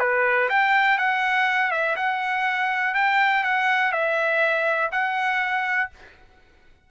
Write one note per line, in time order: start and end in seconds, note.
0.00 0.49 B4
0.50 0.98 G5
0.98 1.71 F#5
1.71 1.96 E5
1.96 2.94 F#5
2.95 3.44 G5
3.44 3.92 F#5
3.92 4.91 E5
4.92 5.90 F#5